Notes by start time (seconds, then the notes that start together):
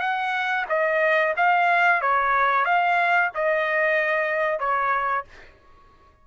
0.00 F#5
0.69 D#5
1.37 F5
2.02 C#5
2.65 F5
3.35 D#5
4.59 C#5